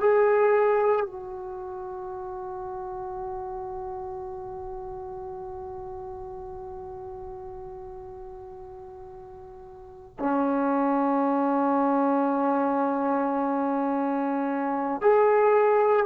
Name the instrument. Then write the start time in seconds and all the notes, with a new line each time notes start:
trombone
0.00 G#4
1.06 F#4
10.19 C#4
15.01 G#4